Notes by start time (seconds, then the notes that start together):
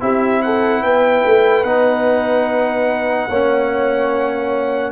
0.00 C4 E4 G4 E5
0.42 A4 F#5
0.83 B3 B4 G5
1.25 A3
1.64 B3 D#4 F#5
3.28 A#3 C#4 C#5